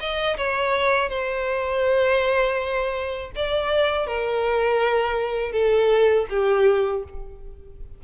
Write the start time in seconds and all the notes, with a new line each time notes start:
0.00 D#5
0.38 C#5
1.09 C5
3.36 D5
4.07 A#4
5.53 A4
6.30 G4